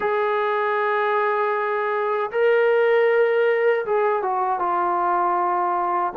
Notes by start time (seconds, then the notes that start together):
0.00 G#4
2.31 A#4
3.85 G#4
4.22 F#4
4.59 F4